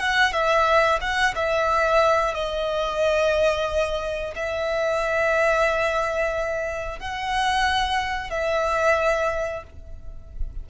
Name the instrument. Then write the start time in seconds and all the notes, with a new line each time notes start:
violin
0.00 F#5
0.33 E5
1.02 F#5
1.36 E5
2.35 D#5
4.36 E5
7.00 F#5
8.31 E5